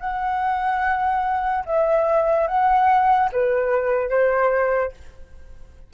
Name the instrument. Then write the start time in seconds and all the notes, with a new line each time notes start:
flute
0.00 F#5
1.66 E5
2.48 F#5
3.33 B4
4.10 C5